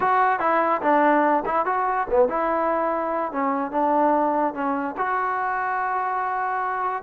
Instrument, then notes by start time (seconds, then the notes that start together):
trombone
0.00 F#4
0.39 E4
0.81 D4
1.45 E4
1.65 F#4
2.10 B3
2.28 E4
3.32 C#4
3.71 D4
4.54 C#4
4.97 F#4